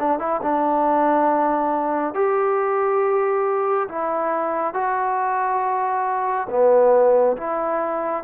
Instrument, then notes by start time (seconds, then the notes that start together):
trombone
0.00 D4
0.20 E4
0.43 D4
2.15 G4
3.89 E4
4.74 F#4
6.50 B3
7.37 E4